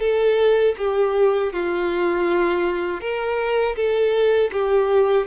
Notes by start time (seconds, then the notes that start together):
0.00 A4
0.78 G4
1.53 F4
3.00 A#4
3.76 A4
4.52 G4